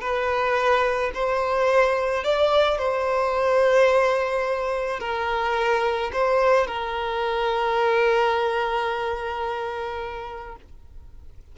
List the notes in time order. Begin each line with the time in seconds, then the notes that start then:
0.00 B4
1.14 C5
2.23 D5
2.78 C5
4.99 A#4
6.12 C5
6.66 A#4